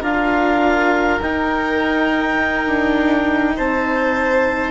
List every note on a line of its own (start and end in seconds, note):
0.00 1.19 D4
0.00 1.19 F4
0.00 3.53 A#4
0.00 1.21 F5
1.21 2.67 D#4
1.21 4.71 D#4
1.21 3.57 G5
2.67 3.55 D4
3.56 4.71 C4
3.56 4.71 C5
3.56 4.71 A5